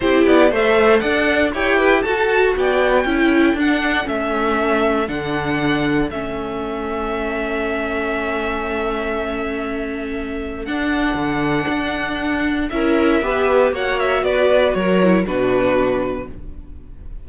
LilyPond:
<<
  \new Staff \with { instrumentName = "violin" } { \time 4/4 \tempo 4 = 118 c''8 d''8 e''4 fis''4 g''4 | a''4 g''2 fis''4 | e''2 fis''2 | e''1~ |
e''1~ | e''4 fis''2.~ | fis''4 e''2 fis''8 e''8 | d''4 cis''4 b'2 | }
  \new Staff \with { instrumentName = "violin" } { \time 4/4 g'4 c''4 d''4 cis''8 b'8 | a'4 d''4 a'2~ | a'1~ | a'1~ |
a'1~ | a'1~ | a'4 ais'4 b'4 cis''4 | b'4 ais'4 fis'2 | }
  \new Staff \with { instrumentName = "viola" } { \time 4/4 e'4 a'2 g'4 | fis'2 e'4 d'4 | cis'2 d'2 | cis'1~ |
cis'1~ | cis'4 d'2.~ | d'4 e'4 g'4 fis'4~ | fis'4. e'8 d'2 | }
  \new Staff \with { instrumentName = "cello" } { \time 4/4 c'8 b8 a4 d'4 e'4 | fis'4 b4 cis'4 d'4 | a2 d2 | a1~ |
a1~ | a4 d'4 d4 d'4~ | d'4 cis'4 b4 ais4 | b4 fis4 b,2 | }
>>